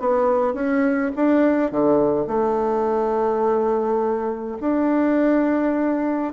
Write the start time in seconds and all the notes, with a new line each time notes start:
0.00 B3
0.54 C#4
1.16 D4
1.72 D3
2.27 A3
4.61 D4